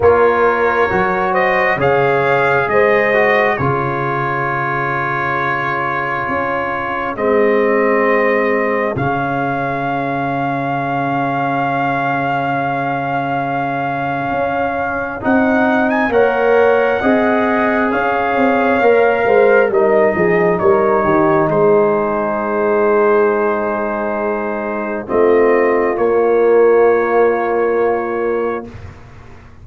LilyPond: <<
  \new Staff \with { instrumentName = "trumpet" } { \time 4/4 \tempo 4 = 67 cis''4. dis''8 f''4 dis''4 | cis''1 | dis''2 f''2~ | f''1~ |
f''4 fis''8. gis''16 fis''2 | f''2 dis''4 cis''4 | c''1 | dis''4 cis''2. | }
  \new Staff \with { instrumentName = "horn" } { \time 4/4 ais'4. c''8 cis''4 c''4 | gis'1~ | gis'1~ | gis'1~ |
gis'2 cis''4 dis''4 | cis''4. c''8 ais'8 gis'8 ais'8 g'8 | gis'1 | f'1 | }
  \new Staff \with { instrumentName = "trombone" } { \time 4/4 f'4 fis'4 gis'4. fis'8 | f'1 | c'2 cis'2~ | cis'1~ |
cis'4 dis'4 ais'4 gis'4~ | gis'4 ais'4 dis'2~ | dis'1 | c'4 ais2. | }
  \new Staff \with { instrumentName = "tuba" } { \time 4/4 ais4 fis4 cis4 gis4 | cis2. cis'4 | gis2 cis2~ | cis1 |
cis'4 c'4 ais4 c'4 | cis'8 c'8 ais8 gis8 g8 f8 g8 dis8 | gis1 | a4 ais2. | }
>>